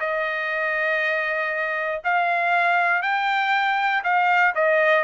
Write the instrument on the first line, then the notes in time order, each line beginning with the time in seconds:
trumpet
0.00 D#5
2.04 F5
3.02 G5
4.04 F5
4.55 D#5